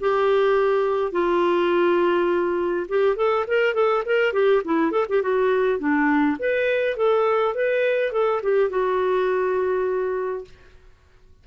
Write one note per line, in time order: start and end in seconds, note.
0.00 1.12 G4
1.12 2.86 F4
2.88 3.16 G4
3.16 3.45 A4
3.47 3.74 A#4
3.74 4.03 A4
4.05 4.33 A#4
4.33 4.62 G4
4.64 4.91 E4
4.91 5.06 A4
5.09 5.22 G4
5.22 5.79 F#4
5.79 6.37 D4
6.39 6.97 B4
6.97 7.54 A4
7.54 8.12 B4
8.12 8.41 A4
8.43 8.70 G4
8.70 10.44 F#4